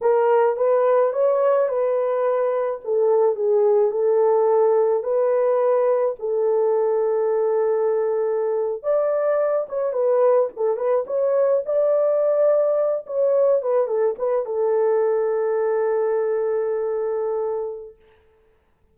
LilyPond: \new Staff \with { instrumentName = "horn" } { \time 4/4 \tempo 4 = 107 ais'4 b'4 cis''4 b'4~ | b'4 a'4 gis'4 a'4~ | a'4 b'2 a'4~ | a'2.~ a'8. d''16~ |
d''4~ d''16 cis''8 b'4 a'8 b'8 cis''16~ | cis''8. d''2~ d''8 cis''8.~ | cis''16 b'8 a'8 b'8 a'2~ a'16~ | a'1 | }